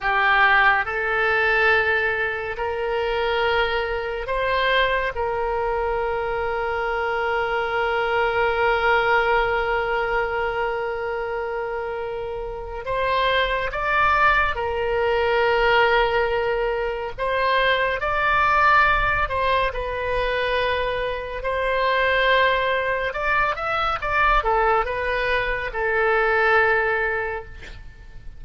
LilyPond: \new Staff \with { instrumentName = "oboe" } { \time 4/4 \tempo 4 = 70 g'4 a'2 ais'4~ | ais'4 c''4 ais'2~ | ais'1~ | ais'2. c''4 |
d''4 ais'2. | c''4 d''4. c''8 b'4~ | b'4 c''2 d''8 e''8 | d''8 a'8 b'4 a'2 | }